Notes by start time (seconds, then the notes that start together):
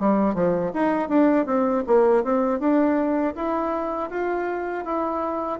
0.00 G3
0.34 F3
0.74 D#4
1.09 D4
1.46 C4
1.87 A#3
2.24 C4
2.59 D4
3.35 E4
4.10 F4
4.85 E4